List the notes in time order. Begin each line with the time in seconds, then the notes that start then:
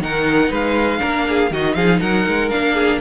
0.00 D#3 D#4 A#4 F#5
0.49 G#3 B4 F5
0.99 A#3 D4 A#4
1.29 G#4
1.50 D#3 D#4 F#4 D#5
1.74 F3 G#4 F5
2.00 F#3 A#4 F#5
2.26 G#3
2.49 D4 F5
2.56 A#3
2.74 G#4